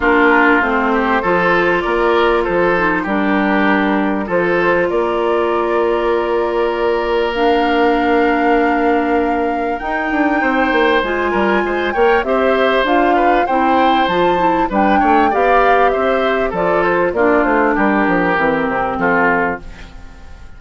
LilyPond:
<<
  \new Staff \with { instrumentName = "flute" } { \time 4/4 \tempo 4 = 98 ais'4 c''2 d''4 | c''4 ais'2 c''4 | d''1 | f''1 |
g''2 gis''4. g''8 | e''4 f''4 g''4 a''4 | g''4 f''4 e''4 d''8 c''8 | d''8 c''8 ais'2 a'4 | }
  \new Staff \with { instrumentName = "oboe" } { \time 4/4 f'4. g'8 a'4 ais'4 | a'4 g'2 a'4 | ais'1~ | ais'1~ |
ais'4 c''4. ais'8 c''8 cis''8 | c''4. b'8 c''2 | b'8 cis''8 d''4 c''4 a'4 | f'4 g'2 f'4 | }
  \new Staff \with { instrumentName = "clarinet" } { \time 4/4 d'4 c'4 f'2~ | f'8 dis'8 d'2 f'4~ | f'1 | d'1 |
dis'2 f'4. ais'8 | g'4 f'4 e'4 f'8 e'8 | d'4 g'2 f'4 | d'2 c'2 | }
  \new Staff \with { instrumentName = "bassoon" } { \time 4/4 ais4 a4 f4 ais4 | f4 g2 f4 | ais1~ | ais1 |
dis'8 d'8 c'8 ais8 gis8 g8 gis8 ais8 | c'4 d'4 c'4 f4 | g8 a8 b4 c'4 f4 | ais8 a8 g8 f8 e8 c8 f4 | }
>>